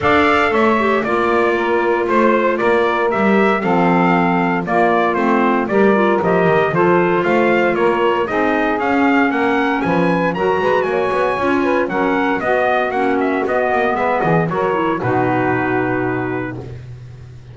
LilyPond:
<<
  \new Staff \with { instrumentName = "trumpet" } { \time 4/4 \tempo 4 = 116 f''4 e''4 d''2 | c''4 d''4 e''4 f''4~ | f''4 d''4 c''4 d''4 | dis''4 c''4 f''4 cis''4 |
dis''4 f''4 fis''4 gis''4 | ais''4 gis''2 fis''4 | dis''4 fis''8 e''8 dis''4 e''8 dis''8 | cis''4 b'2. | }
  \new Staff \with { instrumentName = "saxophone" } { \time 4/4 d''4 cis''4 d''4 ais'4 | c''4 ais'2 a'4~ | a'4 f'2 ais'4~ | ais'4 a'4 c''4 ais'4 |
gis'2 ais'4 b'4 | ais'8 b'8 cis''4. b'8 ais'4 | fis'2. b'8 gis'8 | ais'4 fis'2. | }
  \new Staff \with { instrumentName = "clarinet" } { \time 4/4 a'4. g'8 f'2~ | f'2 g'4 c'4~ | c'4 ais4 c'4 g'8 f'8 | g'4 f'2. |
dis'4 cis'2. | fis'2 f'4 cis'4 | b4 cis'4 b2 | fis'8 e'8 dis'2. | }
  \new Staff \with { instrumentName = "double bass" } { \time 4/4 d'4 a4 ais2 | a4 ais4 g4 f4~ | f4 ais4 a4 g4 | f8 dis8 f4 a4 ais4 |
c'4 cis'4 ais4 f4 | fis8 gis8 ais8 b8 cis'4 fis4 | b4 ais4 b8 ais8 gis8 e8 | fis4 b,2. | }
>>